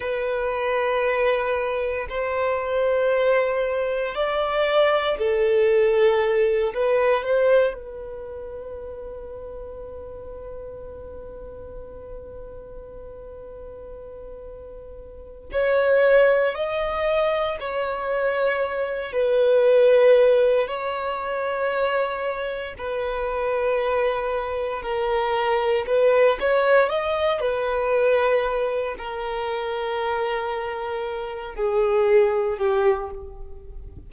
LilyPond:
\new Staff \with { instrumentName = "violin" } { \time 4/4 \tempo 4 = 58 b'2 c''2 | d''4 a'4. b'8 c''8 b'8~ | b'1~ | b'2. cis''4 |
dis''4 cis''4. b'4. | cis''2 b'2 | ais'4 b'8 cis''8 dis''8 b'4. | ais'2~ ais'8 gis'4 g'8 | }